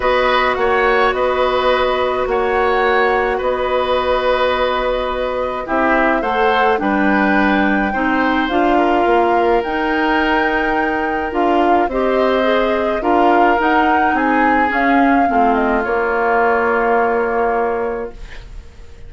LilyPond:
<<
  \new Staff \with { instrumentName = "flute" } { \time 4/4 \tempo 4 = 106 dis''4 fis''4 dis''2 | fis''2 dis''2~ | dis''2 e''4 fis''4 | g''2. f''4~ |
f''4 g''2. | f''4 dis''2 f''4 | fis''4 gis''4 f''4. dis''8 | cis''1 | }
  \new Staff \with { instrumentName = "oboe" } { \time 4/4 b'4 cis''4 b'2 | cis''2 b'2~ | b'2 g'4 c''4 | b'2 c''4. ais'8~ |
ais'1~ | ais'4 c''2 ais'4~ | ais'4 gis'2 f'4~ | f'1 | }
  \new Staff \with { instrumentName = "clarinet" } { \time 4/4 fis'1~ | fis'1~ | fis'2 e'4 a'4 | d'2 dis'4 f'4~ |
f'4 dis'2. | f'4 g'4 gis'4 f'4 | dis'2 cis'4 c'4 | ais1 | }
  \new Staff \with { instrumentName = "bassoon" } { \time 4/4 b4 ais4 b2 | ais2 b2~ | b2 c'4 a4 | g2 c'4 d'4 |
ais4 dis'2. | d'4 c'2 d'4 | dis'4 c'4 cis'4 a4 | ais1 | }
>>